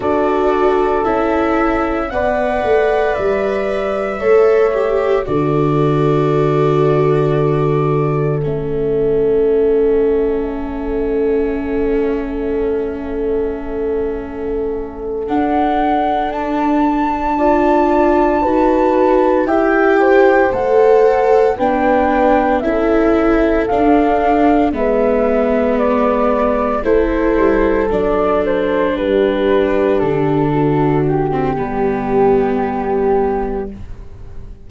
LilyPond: <<
  \new Staff \with { instrumentName = "flute" } { \time 4/4 \tempo 4 = 57 d''4 e''4 fis''4 e''4~ | e''4 d''2. | e''1~ | e''2~ e''8 fis''4 a''8~ |
a''2~ a''8 g''4 fis''8~ | fis''8 g''4 e''4 f''4 e''8~ | e''8 d''4 c''4 d''8 c''8 b'8~ | b'8 a'4 g'2~ g'8 | }
  \new Staff \with { instrumentName = "horn" } { \time 4/4 a'2 d''2 | cis''4 a'2.~ | a'1~ | a'1~ |
a'8 d''4 b'4 e''8 c''4~ | c''8 b'4 a'2 b'8~ | b'4. a'2 g'8~ | g'4 fis'4 g'2 | }
  \new Staff \with { instrumentName = "viola" } { \time 4/4 fis'4 e'4 b'2 | a'8 g'8 fis'2. | cis'1~ | cis'2~ cis'8 d'4.~ |
d'8 f'4 fis'4 g'4 a'8~ | a'8 d'4 e'4 d'4 b8~ | b4. e'4 d'4.~ | d'4.~ d'16 c'16 b2 | }
  \new Staff \with { instrumentName = "tuba" } { \time 4/4 d'4 cis'4 b8 a8 g4 | a4 d2. | a1~ | a2~ a8 d'4.~ |
d'4. dis'4 e'4 a8~ | a8 b4 cis'4 d'4 gis8~ | gis4. a8 g8 fis4 g8~ | g8 d4. g2 | }
>>